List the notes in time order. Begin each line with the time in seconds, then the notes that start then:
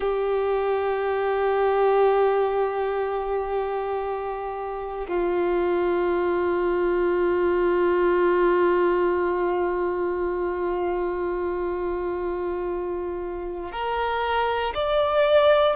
0.00 G4
5.08 F4
13.71 A#4
14.74 D5